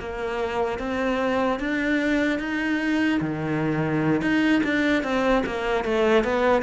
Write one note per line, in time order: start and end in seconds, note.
0.00 0.79 A#3
0.79 1.60 C4
1.60 2.40 D4
2.40 3.21 D#4
3.21 4.22 D#3
4.22 4.63 D#4
4.64 5.03 D4
5.03 5.44 C4
5.47 5.85 A#3
5.85 6.24 A3
6.24 6.63 B3